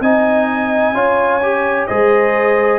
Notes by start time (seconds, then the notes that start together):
0.00 C4 D#4 D#5 G#5
0.93 C#4 F4 C#5
1.42 G4
1.87 G#3 G#4 C5 D#5